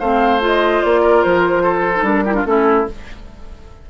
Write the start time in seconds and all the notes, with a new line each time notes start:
0.00 A3 C4 C5 F5
0.41 F4 D#5
0.84 A#3 D5
1.02 A#4
1.23 F3 C5
1.63 A4
1.95 D#4
2.02 G3 D4 A#4
2.25 E4 G4
2.35 D4 F4
2.45 A3 C#4 E4 A4